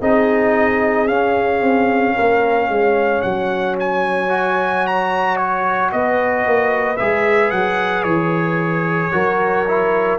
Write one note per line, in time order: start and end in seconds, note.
0.00 1.08 C4
0.00 1.08 D#4
0.00 2.14 G#4
0.00 1.08 D#5
1.08 1.61 C#4
1.08 4.29 C#4
1.08 3.22 F5
1.61 2.14 C4
2.16 2.69 A#3
2.16 2.70 A#4
2.69 3.23 G#3
2.69 5.92 C#5
3.22 5.92 F#3
3.22 3.75 F#5
3.80 4.87 G#5
4.29 6.97 F#4
4.87 5.36 A#5
5.36 5.90 C#5
5.92 6.46 B3
5.92 9.13 B4
5.92 6.97 D#5
6.46 6.99 A#3
6.97 7.52 G#3
6.97 9.12 G#4
6.97 7.50 E5
7.50 8.04 F#3
7.50 8.03 F#5
8.03 9.11 E3
8.03 10.17 C#5
9.12 10.19 F#3
9.12 9.66 F#4
9.12 10.19 A#4
9.68 10.19 E4